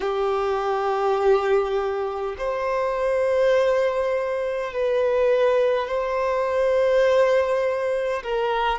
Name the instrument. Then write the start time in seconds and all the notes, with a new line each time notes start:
violin
0.00 G4
2.38 C5
4.73 B4
5.87 C5
8.23 A#4